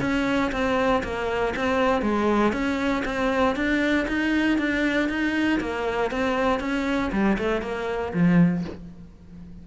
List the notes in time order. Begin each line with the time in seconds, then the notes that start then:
0.00 C#4
0.51 C4
1.03 A#3
1.56 C4
2.02 G#3
2.52 C#4
3.05 C4
3.55 D4
4.07 D#4
4.58 D4
5.09 D#4
5.60 A#3
6.11 C4
6.60 C#4
7.12 G3
7.38 A3
7.61 A#3
8.13 F3